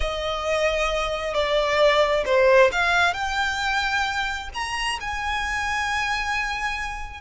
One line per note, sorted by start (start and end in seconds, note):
0.00 1.33 D#5
1.33 2.24 D5
2.25 2.70 C5
2.71 3.13 F5
3.13 4.49 G5
4.54 4.99 A#5
5.00 7.20 G#5